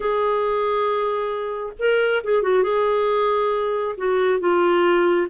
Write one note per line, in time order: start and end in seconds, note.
0.00 1.73 G#4
1.78 2.23 A#4
2.23 2.42 G#4
2.42 2.63 F#4
2.63 3.95 G#4
3.97 4.39 F#4
4.39 5.27 F4